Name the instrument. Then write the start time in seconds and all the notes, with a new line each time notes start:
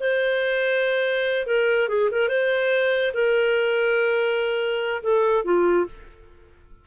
clarinet
0.00 C5
1.47 A#4
1.89 G#4
2.12 A#4
2.28 C5
3.14 A#4
5.03 A4
5.44 F4